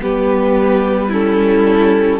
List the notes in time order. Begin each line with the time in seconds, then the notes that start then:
0.00 G3 B3 G4 B4
1.08 C#4 E4 A4